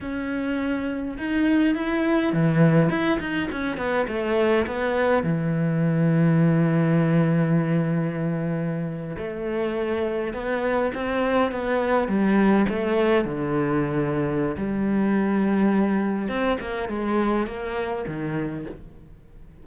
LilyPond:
\new Staff \with { instrumentName = "cello" } { \time 4/4 \tempo 4 = 103 cis'2 dis'4 e'4 | e4 e'8 dis'8 cis'8 b8 a4 | b4 e2.~ | e2.~ e8. a16~ |
a4.~ a16 b4 c'4 b16~ | b8. g4 a4 d4~ d16~ | d4 g2. | c'8 ais8 gis4 ais4 dis4 | }